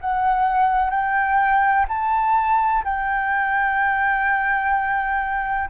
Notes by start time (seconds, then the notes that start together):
0.00 F#5
0.90 G5
1.88 A5
2.84 G5